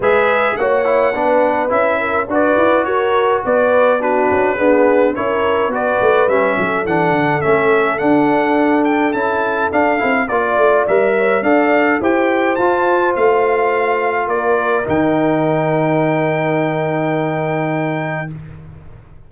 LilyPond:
<<
  \new Staff \with { instrumentName = "trumpet" } { \time 4/4 \tempo 4 = 105 e''4 fis''2 e''4 | d''4 cis''4 d''4 b'4~ | b'4 cis''4 d''4 e''4 | fis''4 e''4 fis''4. g''8 |
a''4 f''4 d''4 e''4 | f''4 g''4 a''4 f''4~ | f''4 d''4 g''2~ | g''1 | }
  \new Staff \with { instrumentName = "horn" } { \time 4/4 b'4 cis''4 b'4. ais'8 | b'4 ais'4 b'4 fis'4 | gis'4 ais'4 b'4. a'8~ | a'1~ |
a'2 d''4. cis''8 | d''4 c''2.~ | c''4 ais'2.~ | ais'1 | }
  \new Staff \with { instrumentName = "trombone" } { \time 4/4 gis'4 fis'8 e'8 d'4 e'4 | fis'2. d'4 | b4 e'4 fis'4 cis'4 | d'4 cis'4 d'2 |
e'4 d'8 e'8 f'4 ais'4 | a'4 g'4 f'2~ | f'2 dis'2~ | dis'1 | }
  \new Staff \with { instrumentName = "tuba" } { \time 4/4 gis4 ais4 b4 cis'4 | d'8 e'8 fis'4 b4. cis'8 | d'4 cis'4 b8 a8 g8 fis8 | e8 d8 a4 d'2 |
cis'4 d'8 c'8 ais8 a8 g4 | d'4 e'4 f'4 a4~ | a4 ais4 dis2~ | dis1 | }
>>